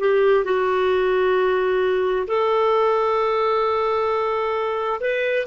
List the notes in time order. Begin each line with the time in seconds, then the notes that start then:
0.00 G4
0.45 F#4
2.28 A4
5.01 B4